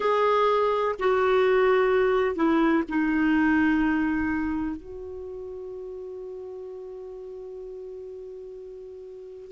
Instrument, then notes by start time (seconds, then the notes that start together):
clarinet
0.00 G#4
0.99 F#4
2.35 E4
2.88 D#4
4.76 F#4